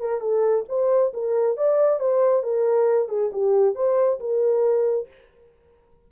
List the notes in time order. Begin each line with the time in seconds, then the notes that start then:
0.00 A#4
0.21 A4
0.69 C5
1.14 A#4
1.57 D5
2.00 C5
2.43 A#4
3.08 G#4
3.33 G4
3.75 C5
4.20 A#4